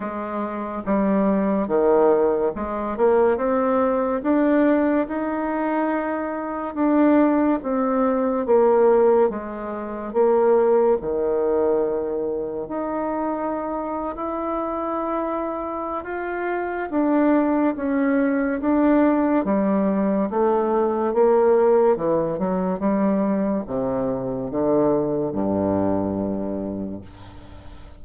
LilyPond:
\new Staff \with { instrumentName = "bassoon" } { \time 4/4 \tempo 4 = 71 gis4 g4 dis4 gis8 ais8 | c'4 d'4 dis'2 | d'4 c'4 ais4 gis4 | ais4 dis2 dis'4~ |
dis'8. e'2~ e'16 f'4 | d'4 cis'4 d'4 g4 | a4 ais4 e8 fis8 g4 | c4 d4 g,2 | }